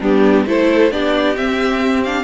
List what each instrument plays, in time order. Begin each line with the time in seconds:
0.00 cello G3, viola B3, violin D4 G4
0.45 cello A3, viola E4, violin A4 C5
0.91 cello B3, viola D4, violin G4 D5
1.36 viola C4, cello C4, violin E5
2.03 viola D4, violin F5